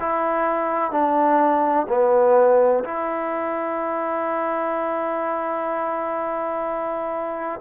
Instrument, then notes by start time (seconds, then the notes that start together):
trombone
0.00 E4
0.92 D4
1.89 B3
2.84 E4